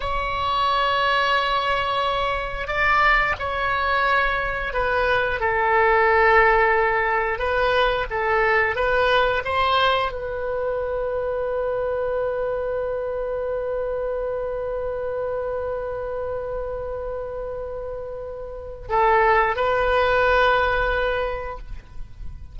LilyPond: \new Staff \with { instrumentName = "oboe" } { \time 4/4 \tempo 4 = 89 cis''1 | d''4 cis''2 b'4 | a'2. b'4 | a'4 b'4 c''4 b'4~ |
b'1~ | b'1~ | b'1 | a'4 b'2. | }